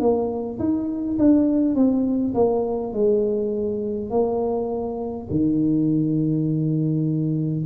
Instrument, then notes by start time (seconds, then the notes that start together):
tuba
0.00 A#3
0.59 D#4
1.19 D4
1.75 C4
2.35 A#3
2.94 G#3
4.11 A#3
5.30 D#3